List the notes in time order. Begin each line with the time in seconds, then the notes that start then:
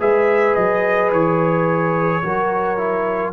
0.00 G#3 G#4 B4 E5
0.55 F#3 D#5
1.12 E3 C#5
2.23 F#3 F#4 A#4
2.77 E4